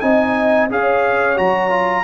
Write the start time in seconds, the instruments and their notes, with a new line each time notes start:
0.00 tuba C4, trombone D#4, horn D#5, trumpet G#5
0.70 tuba C#4, trombone G#4, horn C#5, trumpet F5
1.37 tuba F#3, trombone F#4, trumpet A#5
1.70 trombone F4